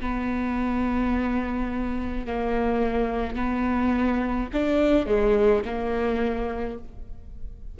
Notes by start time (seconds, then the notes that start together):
0.00 B3
2.26 A#3
3.35 B3
4.52 D4
5.06 G#3
5.64 A#3